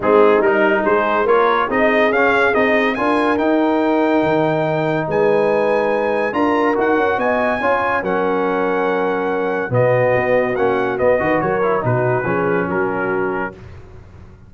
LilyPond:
<<
  \new Staff \with { instrumentName = "trumpet" } { \time 4/4 \tempo 4 = 142 gis'4 ais'4 c''4 cis''4 | dis''4 f''4 dis''4 gis''4 | g''1 | gis''2. ais''4 |
fis''4 gis''2 fis''4~ | fis''2. dis''4~ | dis''4 fis''4 dis''4 cis''4 | b'2 ais'2 | }
  \new Staff \with { instrumentName = "horn" } { \time 4/4 dis'2 gis'4 ais'4 | gis'2. ais'4~ | ais'1 | b'2. ais'4~ |
ais'4 dis''4 cis''4 ais'4~ | ais'2. fis'4~ | fis'2~ fis'8 b'8 ais'4 | fis'4 gis'4 fis'2 | }
  \new Staff \with { instrumentName = "trombone" } { \time 4/4 c'4 dis'2 f'4 | dis'4 cis'4 dis'4 f'4 | dis'1~ | dis'2. f'4 |
fis'2 f'4 cis'4~ | cis'2. b4~ | b4 cis'4 b8 fis'4 e'8 | dis'4 cis'2. | }
  \new Staff \with { instrumentName = "tuba" } { \time 4/4 gis4 g4 gis4 ais4 | c'4 cis'4 c'4 d'4 | dis'2 dis2 | gis2. d'4 |
dis'8 cis'8 b4 cis'4 fis4~ | fis2. b,4 | b4 ais4 b8 dis8 fis4 | b,4 f4 fis2 | }
>>